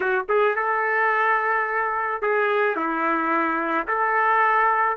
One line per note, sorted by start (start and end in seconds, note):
0.00 0.25 F#4
0.29 0.55 G#4
0.55 2.22 A4
2.22 2.76 G#4
2.76 3.87 E4
3.87 4.96 A4